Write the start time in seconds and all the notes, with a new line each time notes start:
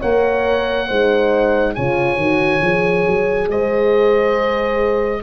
0.00 A#3 A#4 C#5 F#5
0.87 G#3 D#4 C5
1.75 C#3 F4 C#5 G#5
2.17 D#3 F#4
2.62 F3 G#4
3.07 F#3
3.48 G#3 C5 D#5